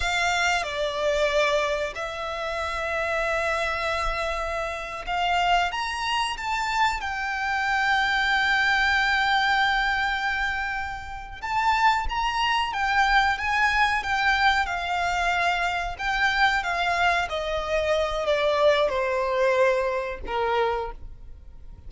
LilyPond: \new Staff \with { instrumentName = "violin" } { \time 4/4 \tempo 4 = 92 f''4 d''2 e''4~ | e''2.~ e''8. f''16~ | f''8. ais''4 a''4 g''4~ g''16~ | g''1~ |
g''4. a''4 ais''4 g''8~ | g''8 gis''4 g''4 f''4.~ | f''8 g''4 f''4 dis''4. | d''4 c''2 ais'4 | }